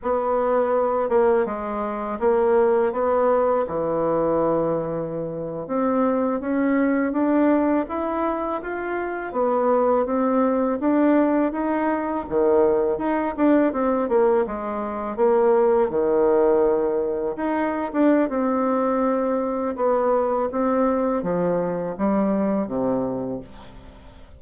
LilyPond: \new Staff \with { instrumentName = "bassoon" } { \time 4/4 \tempo 4 = 82 b4. ais8 gis4 ais4 | b4 e2~ e8. c'16~ | c'8. cis'4 d'4 e'4 f'16~ | f'8. b4 c'4 d'4 dis'16~ |
dis'8. dis4 dis'8 d'8 c'8 ais8 gis16~ | gis8. ais4 dis2 dis'16~ | dis'8 d'8 c'2 b4 | c'4 f4 g4 c4 | }